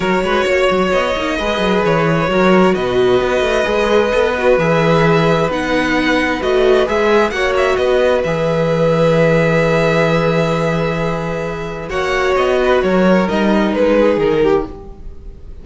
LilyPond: <<
  \new Staff \with { instrumentName = "violin" } { \time 4/4 \tempo 4 = 131 cis''2 dis''2 | cis''2 dis''2~ | dis''2 e''2 | fis''2 dis''4 e''4 |
fis''8 e''8 dis''4 e''2~ | e''1~ | e''2 fis''4 dis''4 | cis''4 dis''4 b'4 ais'4 | }
  \new Staff \with { instrumentName = "violin" } { \time 4/4 ais'8 b'8 cis''2 b'4~ | b'4 ais'4 b'2~ | b'1~ | b'1 |
cis''4 b'2.~ | b'1~ | b'2 cis''4. b'8 | ais'2~ ais'8 gis'4 g'8 | }
  \new Staff \with { instrumentName = "viola" } { \time 4/4 fis'2~ fis'8 dis'8 gis'4~ | gis'4 fis'2. | gis'4 a'8 fis'8 gis'2 | dis'2 fis'4 gis'4 |
fis'2 gis'2~ | gis'1~ | gis'2 fis'2~ | fis'4 dis'2. | }
  \new Staff \with { instrumentName = "cello" } { \time 4/4 fis8 gis8 ais8 fis8 b8 ais8 gis8 fis8 | e4 fis4 b,4 b8 a8 | gis4 b4 e2 | b2 a4 gis4 |
ais4 b4 e2~ | e1~ | e2 ais4 b4 | fis4 g4 gis4 dis4 | }
>>